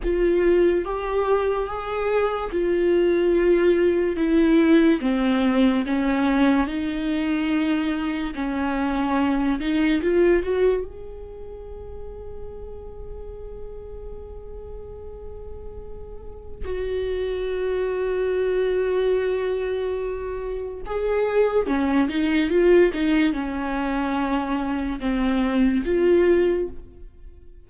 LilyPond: \new Staff \with { instrumentName = "viola" } { \time 4/4 \tempo 4 = 72 f'4 g'4 gis'4 f'4~ | f'4 e'4 c'4 cis'4 | dis'2 cis'4. dis'8 | f'8 fis'8 gis'2.~ |
gis'1 | fis'1~ | fis'4 gis'4 cis'8 dis'8 f'8 dis'8 | cis'2 c'4 f'4 | }